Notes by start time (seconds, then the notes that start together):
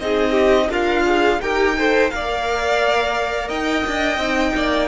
0.00 C4 D#4 G#4 D#5
0.32 G4
0.70 D4 F4 A#4 F5
1.05 G#4
1.41 D#4 G4 A#4 G5
1.78 A4 C5
2.11 A#3 A#4 D5 F5
3.48 D#4 D#5 G5
3.87 D4
4.18 C4 D#4
4.56 A#3 D5